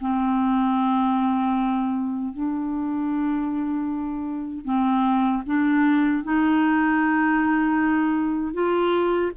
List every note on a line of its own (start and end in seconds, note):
0.00 2.33 C4
2.33 4.65 D4
4.65 5.43 C4
5.46 6.23 D4
6.23 8.53 D#4
8.53 9.31 F4